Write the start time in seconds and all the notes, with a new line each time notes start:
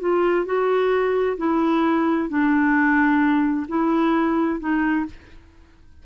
0.00 F4
0.46 F#4
1.38 E4
2.30 D4
3.69 E4
4.60 D#4